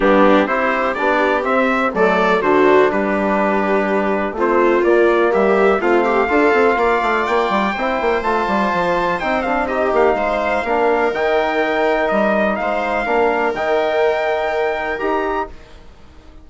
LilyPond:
<<
  \new Staff \with { instrumentName = "trumpet" } { \time 4/4 \tempo 4 = 124 g'4 c''4 d''4 e''4 | d''4 c''4 b'2~ | b'4 c''4 d''4 e''4 | f''2. g''4~ |
g''4 a''2 g''8 f''8 | dis''8 f''2~ f''8 g''4~ | g''4 dis''4 f''2 | g''2. ais''4 | }
  \new Staff \with { instrumentName = "viola" } { \time 4/4 d'4 g'2. | a'4 fis'4 g'2~ | g'4 f'2 g'4 | f'8 g'8 a'4 d''2 |
c''1 | g'4 c''4 ais'2~ | ais'2 c''4 ais'4~ | ais'1 | }
  \new Staff \with { instrumentName = "trombone" } { \time 4/4 b4 e'4 d'4 c'4 | a4 d'2.~ | d'4 c'4 ais2 | c'4 f'2. |
e'4 f'2 dis'8 d'8 | dis'2 d'4 dis'4~ | dis'2. d'4 | dis'2. g'4 | }
  \new Staff \with { instrumentName = "bassoon" } { \time 4/4 g4 c'4 b4 c'4 | fis4 d4 g2~ | g4 a4 ais4 g4 | a4 d'8 c'8 ais8 a8 ais8 g8 |
c'8 ais8 a8 g8 f4 c'4~ | c'8 ais8 gis4 ais4 dis4~ | dis4 g4 gis4 ais4 | dis2. dis'4 | }
>>